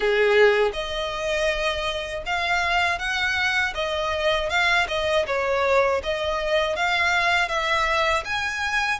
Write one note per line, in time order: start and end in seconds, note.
0.00 0.71 G#4
0.73 2.23 D#5
2.26 2.98 F5
2.98 3.73 F#5
3.74 4.49 D#5
4.49 4.86 F5
4.88 5.25 D#5
5.26 6.01 C#5
6.03 6.75 D#5
6.75 7.48 F5
7.48 8.23 E5
8.24 8.99 G#5